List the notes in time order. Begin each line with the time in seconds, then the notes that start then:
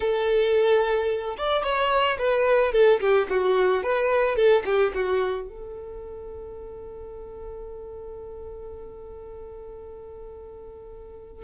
0.00 A4
1.37 D5
1.63 C#5
2.18 B4
2.72 A4
3.00 G4
3.29 F#4
3.83 B4
4.36 A4
4.65 G4
4.94 F#4
5.48 A4